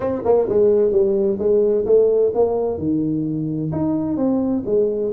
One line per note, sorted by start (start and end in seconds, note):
0.00 0.22 C4
0.24 0.48 A#3
0.48 0.91 G#3
0.91 1.38 G3
1.38 1.85 G#3
1.85 2.32 A3
2.34 2.78 A#3
2.78 3.71 D#3
3.72 4.16 D#4
4.16 4.63 C4
4.65 5.12 G#3